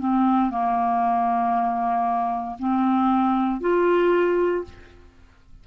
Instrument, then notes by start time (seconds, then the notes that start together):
clarinet
0.00 C4
0.50 A#3
2.59 C4
3.61 F4